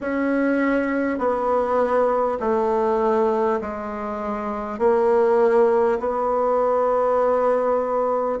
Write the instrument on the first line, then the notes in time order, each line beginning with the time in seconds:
bassoon
0.00 C#4
1.18 B3
2.39 A3
3.61 G#3
4.78 A#3
5.99 B3